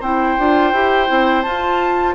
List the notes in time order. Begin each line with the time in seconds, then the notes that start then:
0.00 C4 E4 C5 G5
0.38 D4 F4
0.72 E4 G4
1.07 C4 E4
1.42 F4 A5